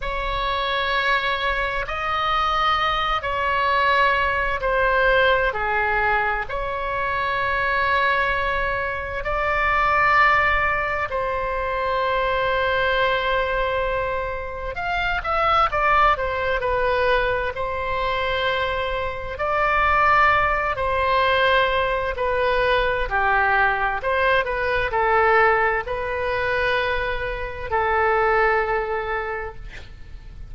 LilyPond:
\new Staff \with { instrumentName = "oboe" } { \time 4/4 \tempo 4 = 65 cis''2 dis''4. cis''8~ | cis''4 c''4 gis'4 cis''4~ | cis''2 d''2 | c''1 |
f''8 e''8 d''8 c''8 b'4 c''4~ | c''4 d''4. c''4. | b'4 g'4 c''8 b'8 a'4 | b'2 a'2 | }